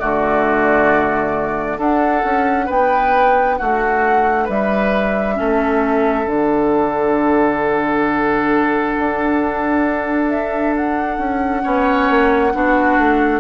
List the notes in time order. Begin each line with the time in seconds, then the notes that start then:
0.00 D3 A3 F#4 D5
1.78 D4 A4 F#5
2.24 C#4
2.66 B3 B4 G5
3.58 A3 F#4 F#5
4.45 G3 B4 E5
5.35 A3 C#4 A4
6.24 D3 D4 F#5
8.99 D4
10.29 E5
10.76 F#5
11.18 C#4
11.62 B3 C#4 C#5
12.10 A#3
12.53 B3 D4 F#4
12.98 A3